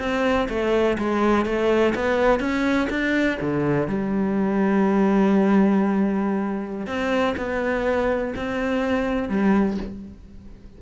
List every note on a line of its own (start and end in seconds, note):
0.00 0.48 C4
0.50 0.98 A3
0.99 1.46 G#3
1.46 1.94 A3
1.95 2.40 B3
2.40 2.89 C#4
2.91 3.39 D4
3.41 3.88 D3
3.88 6.87 G3
6.87 7.35 C4
7.37 8.34 B3
8.36 9.29 C4
9.29 9.78 G3